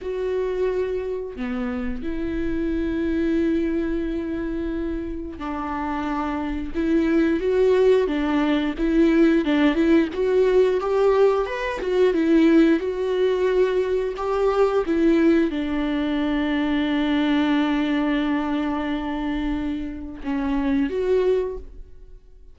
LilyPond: \new Staff \with { instrumentName = "viola" } { \time 4/4 \tempo 4 = 89 fis'2 b4 e'4~ | e'1 | d'2 e'4 fis'4 | d'4 e'4 d'8 e'8 fis'4 |
g'4 b'8 fis'8 e'4 fis'4~ | fis'4 g'4 e'4 d'4~ | d'1~ | d'2 cis'4 fis'4 | }